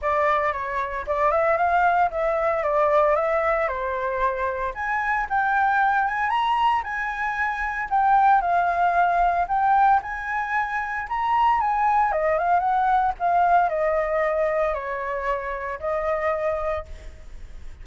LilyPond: \new Staff \with { instrumentName = "flute" } { \time 4/4 \tempo 4 = 114 d''4 cis''4 d''8 e''8 f''4 | e''4 d''4 e''4 c''4~ | c''4 gis''4 g''4. gis''8 | ais''4 gis''2 g''4 |
f''2 g''4 gis''4~ | gis''4 ais''4 gis''4 dis''8 f''8 | fis''4 f''4 dis''2 | cis''2 dis''2 | }